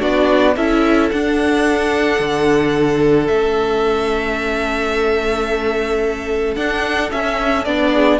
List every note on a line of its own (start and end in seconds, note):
0.00 0.56 B3
0.00 0.55 D4
0.00 0.56 F#4
0.00 0.56 D5
0.56 1.11 C#4
0.56 1.12 E4
0.56 7.92 A4
0.56 1.10 E5
1.10 2.20 D4
1.10 3.30 D4
1.10 3.27 F#5
2.20 3.29 D3
3.27 6.57 A3
3.27 6.56 C#4
3.27 6.55 E5
6.56 7.11 D4
6.56 7.12 D4
6.56 7.11 F#5
7.11 7.66 C#4
7.11 7.65 E5
7.65 8.20 B3
7.65 8.20 D4
7.65 8.19 D5
7.94 8.20 G#4